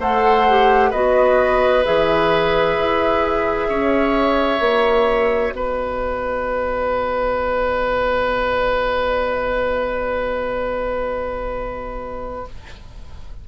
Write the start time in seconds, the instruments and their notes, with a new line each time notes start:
0.00 bassoon A3, clarinet A4, oboe C5, flute F#5
0.50 clarinet G4
0.91 bassoon B3, clarinet F#4, oboe B4, flute D#5
1.85 bassoon E3, clarinet G#4, flute E5
2.78 bassoon E4
3.69 bassoon C#4, oboe C#5
4.60 bassoon A#3, clarinet F#4
5.52 bassoon B3, oboe B4, flute D#5